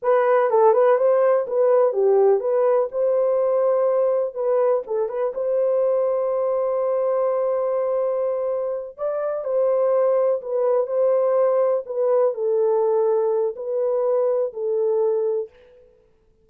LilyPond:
\new Staff \with { instrumentName = "horn" } { \time 4/4 \tempo 4 = 124 b'4 a'8 b'8 c''4 b'4 | g'4 b'4 c''2~ | c''4 b'4 a'8 b'8 c''4~ | c''1~ |
c''2~ c''8 d''4 c''8~ | c''4. b'4 c''4.~ | c''8 b'4 a'2~ a'8 | b'2 a'2 | }